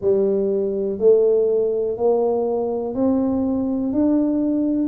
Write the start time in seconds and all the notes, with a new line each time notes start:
0.00 G3
0.98 A3
1.97 A#3
2.94 C4
3.92 D4